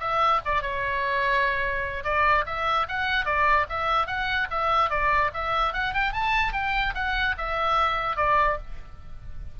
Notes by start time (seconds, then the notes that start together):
0.00 E5
0.45 D5
0.62 C#5
2.04 D5
2.46 E5
2.88 F#5
3.25 D5
3.69 E5
4.07 F#5
4.50 E5
4.90 D5
5.34 E5
5.73 F#5
5.94 G5
6.13 A5
6.53 G5
6.94 F#5
7.38 E5
8.17 D5